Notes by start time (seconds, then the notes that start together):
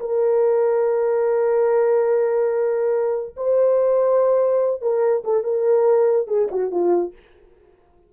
0.00 A#4
3.37 C5
4.82 A#4
5.24 A4
5.44 A#4
6.28 G#4
6.52 F#4
6.72 F4